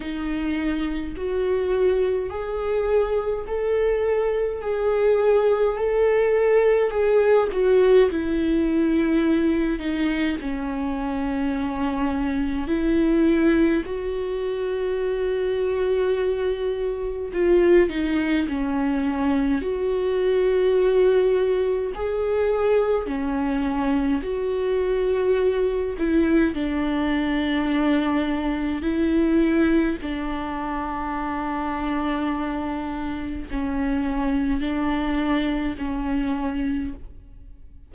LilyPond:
\new Staff \with { instrumentName = "viola" } { \time 4/4 \tempo 4 = 52 dis'4 fis'4 gis'4 a'4 | gis'4 a'4 gis'8 fis'8 e'4~ | e'8 dis'8 cis'2 e'4 | fis'2. f'8 dis'8 |
cis'4 fis'2 gis'4 | cis'4 fis'4. e'8 d'4~ | d'4 e'4 d'2~ | d'4 cis'4 d'4 cis'4 | }